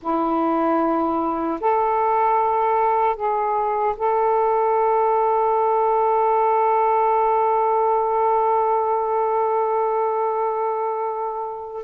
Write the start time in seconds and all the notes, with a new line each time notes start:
0.02 E4
1.60 A4
3.16 G#4
3.97 A4